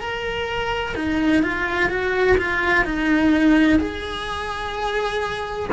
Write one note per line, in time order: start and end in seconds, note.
0.00 0.95 A#4
0.95 1.42 D#4
1.43 1.89 F4
1.89 2.37 F#4
2.37 2.85 F4
2.85 3.79 D#4
3.79 5.69 G#4